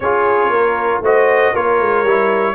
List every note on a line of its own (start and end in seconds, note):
0.00 0.49 C#4
0.00 1.03 F4
0.00 0.51 G#4
0.00 1.02 C#5
0.49 1.00 A#3
0.49 1.02 A#4
1.01 1.52 A3
1.01 1.54 F#4
1.01 1.52 C5
1.01 1.55 D#5
1.52 1.79 A#3
1.52 2.06 F4
1.52 2.54 A#4
1.52 2.54 C#5
1.79 2.03 G#3
2.03 2.54 G3
2.03 2.54 E4